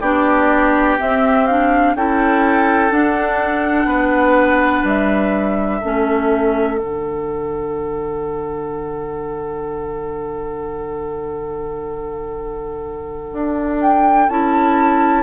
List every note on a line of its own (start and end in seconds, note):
0.00 0.97 B3
0.00 0.99 D4
0.00 1.94 G4
0.00 0.97 D5
0.99 1.47 C4
0.99 1.94 C4
0.99 1.46 E5
1.46 1.96 D4
1.46 1.95 F5
1.94 2.91 C#4
1.94 2.90 E4
1.94 3.87 A4
1.94 2.92 G5
2.90 5.81 D4
2.90 3.84 D4
2.90 4.85 F#5
3.84 4.81 B3
3.84 5.80 B4
4.83 5.80 G3
4.83 6.78 E5
5.80 6.80 A3
5.80 6.78 C#4
5.80 15.23 A4
6.78 13.32 D3
6.78 14.28 D4
6.78 13.79 F#5
13.32 14.28 D4
13.81 14.29 G5
14.28 15.23 C#4
14.28 15.23 E4
14.28 15.23 A5